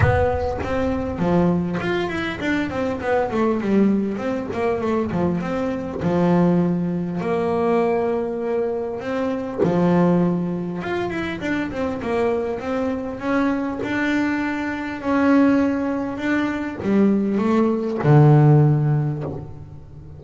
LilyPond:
\new Staff \with { instrumentName = "double bass" } { \time 4/4 \tempo 4 = 100 b4 c'4 f4 f'8 e'8 | d'8 c'8 b8 a8 g4 c'8 ais8 | a8 f8 c'4 f2 | ais2. c'4 |
f2 f'8 e'8 d'8 c'8 | ais4 c'4 cis'4 d'4~ | d'4 cis'2 d'4 | g4 a4 d2 | }